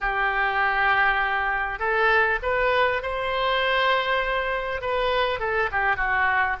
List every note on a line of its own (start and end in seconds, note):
0.00 1.79 G4
1.79 2.39 A4
2.42 3.02 B4
3.02 4.81 C5
4.81 5.39 B4
5.39 5.69 A4
5.71 5.96 G4
5.96 6.56 F#4